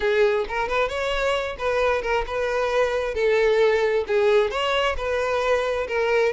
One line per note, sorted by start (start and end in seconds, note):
0.00 0.45 G#4
0.48 0.68 A#4
0.68 0.88 B4
0.88 1.56 C#5
1.58 2.02 B4
2.02 2.24 A#4
2.27 3.14 B4
3.14 4.04 A4
4.07 4.50 G#4
4.50 4.95 C#5
4.97 5.87 B4
5.87 6.32 A#4